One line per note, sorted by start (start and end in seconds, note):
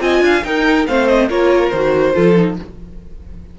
0.00 0.21 C4
0.00 0.43 F4
0.00 0.24 D#5
0.00 0.44 G#5
0.21 0.42 D4
0.21 0.46 F5
0.44 0.87 D#4
0.44 0.88 A#4
0.44 0.86 G5
0.87 1.30 A3
0.87 1.30 C4
0.87 1.29 C5
0.87 1.08 F5
1.08 1.29 D#5
1.29 1.72 A#3
1.29 1.72 F4
1.29 2.14 A#4
1.29 1.70 C#5
1.70 2.15 D#3
1.70 2.14 F#4
1.70 2.55 C5
2.14 2.59 F3
2.14 2.35 F4
2.14 2.56 A4
2.37 2.58 D#4